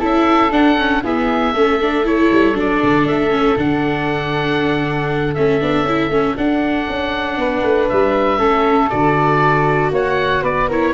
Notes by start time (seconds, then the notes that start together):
0.00 C#4 E4 A4 E5
0.51 D4 F#5
0.78 C#4
1.03 B3 E4 G#4 E5
1.52 A3 C#4 A4
1.81 D4
2.04 E4 C#5
2.31 G3
2.54 F#3 D4 D5
2.83 D3
3.06 A3 E5
3.30 C#4
3.57 D3 D4 F#5
5.35 A3 C#4 E5
5.61 B3 D4
5.83 C#4 E4
6.09 A3 C#4
6.37 D4 F#5
6.89 C#4
7.37 B3 B4
7.63 A3
7.89 G3 E5
8.38 A3 C#4 A4
8.90 D3 F#4 D5
9.91 A#3 C#5 F#5
10.43 B3 B4 D5
10.68 E4 A#4 C#5